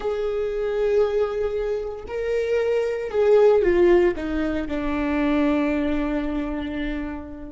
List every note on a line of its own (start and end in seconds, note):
0.00 2.04 G#4
2.07 3.11 A#4
3.11 3.62 G#4
3.62 4.14 F4
4.15 4.67 D#4
4.67 7.51 D4